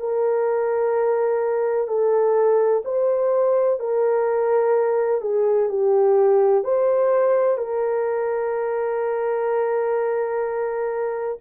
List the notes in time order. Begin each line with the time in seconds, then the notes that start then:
0.00 A#4
1.88 A4
2.85 C5
3.80 A#4
5.22 G#4
5.69 G4
6.65 C5
7.58 A#4